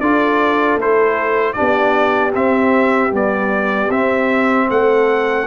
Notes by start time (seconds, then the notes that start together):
0.00 D4 F4 A4 D5
0.76 A3 E4 C5
1.53 D4 G4 D5
1.60 B3
2.34 C4 E5
3.11 G3 B3 D5
3.89 C4 E5
4.69 A3 A4 F#5